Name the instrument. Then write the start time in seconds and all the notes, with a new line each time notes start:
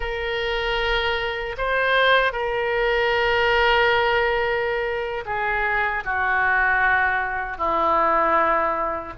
oboe
0.00 A#4
1.57 C5
2.32 A#4
5.25 G#4
6.05 F#4
7.57 E4